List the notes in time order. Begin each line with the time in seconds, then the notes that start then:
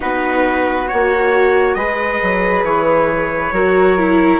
0.00 B3 D#4 F#4 B4
0.88 A#3 F#4 C#5
1.74 G#3 G#4 B4 D#5
2.22 F#3
2.63 E3 C#5
3.51 F#3 F#4 A#4
3.98 E4